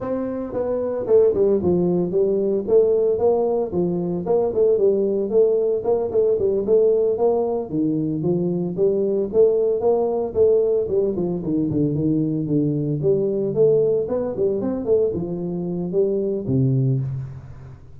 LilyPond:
\new Staff \with { instrumentName = "tuba" } { \time 4/4 \tempo 4 = 113 c'4 b4 a8 g8 f4 | g4 a4 ais4 f4 | ais8 a8 g4 a4 ais8 a8 | g8 a4 ais4 dis4 f8~ |
f8 g4 a4 ais4 a8~ | a8 g8 f8 dis8 d8 dis4 d8~ | d8 g4 a4 b8 g8 c'8 | a8 f4. g4 c4 | }